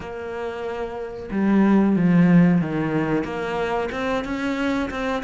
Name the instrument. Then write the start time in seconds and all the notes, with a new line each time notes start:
cello
0.00 A#3
1.31 G3
1.96 F3
2.61 D#3
3.24 A#3
3.91 C4
4.24 C#4
4.90 C4